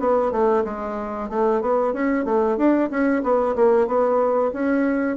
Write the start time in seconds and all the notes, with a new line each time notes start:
0.00 B3
0.32 A3
0.65 G#3
1.30 A3
1.61 B3
1.93 C#4
2.25 A3
2.57 D4
2.91 C#4
3.23 B3
3.56 A#3
3.87 B3
4.54 C#4